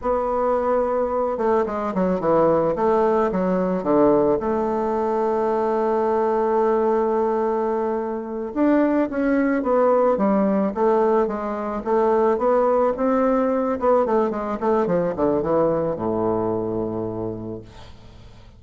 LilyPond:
\new Staff \with { instrumentName = "bassoon" } { \time 4/4 \tempo 4 = 109 b2~ b8 a8 gis8 fis8 | e4 a4 fis4 d4 | a1~ | a2.~ a8 d'8~ |
d'8 cis'4 b4 g4 a8~ | a8 gis4 a4 b4 c'8~ | c'4 b8 a8 gis8 a8 f8 d8 | e4 a,2. | }